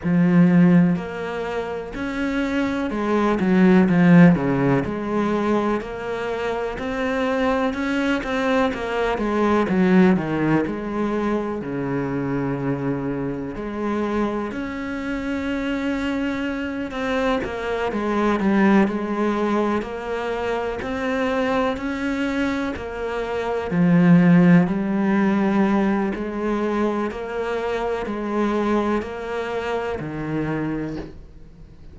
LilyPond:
\new Staff \with { instrumentName = "cello" } { \time 4/4 \tempo 4 = 62 f4 ais4 cis'4 gis8 fis8 | f8 cis8 gis4 ais4 c'4 | cis'8 c'8 ais8 gis8 fis8 dis8 gis4 | cis2 gis4 cis'4~ |
cis'4. c'8 ais8 gis8 g8 gis8~ | gis8 ais4 c'4 cis'4 ais8~ | ais8 f4 g4. gis4 | ais4 gis4 ais4 dis4 | }